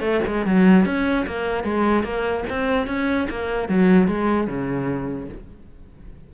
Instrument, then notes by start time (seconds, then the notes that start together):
cello
0.00 A3
0.27 G#3
0.45 F#3
0.85 C#4
1.26 A#3
1.63 G#3
2.03 A#3
2.49 C4
2.87 C#4
3.29 A#3
3.68 F#3
4.08 G#3
4.47 C#3